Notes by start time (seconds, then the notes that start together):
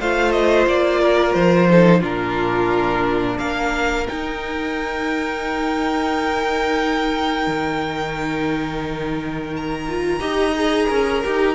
0.00 A3 F4 C5 F5
0.31 D#5
0.67 A#3 D5
1.00 A#4
1.33 F3 C5
1.70 D#4 A4
2.00 A#2 D4 F4 A#4
3.38 A#3 A#4 F5
4.07 D#4 G5
7.47 D#3
9.57 A#5
9.88 F4
10.20 D#4 G4 D#5
10.55 G#4
10.87 C#4 A#4
11.24 D#4 G4